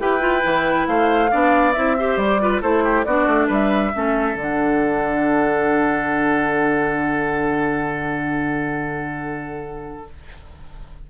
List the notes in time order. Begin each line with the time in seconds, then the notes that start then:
0.00 E4 G4 B4 G5
0.21 F4
0.43 E3 E4
0.88 A3 C5 F5
1.31 B3 D4 D5
1.74 C4 E4 E5
1.99 G4 C5
2.17 G3 D5
2.41 F4 B4
2.62 A3 E4 A4 C5
2.84 G4
3.05 B3 D4 F#4 D5
3.27 A3
3.48 G3 B4 E5
3.94 A3 C#4 A4
4.35 D3 D4 F#5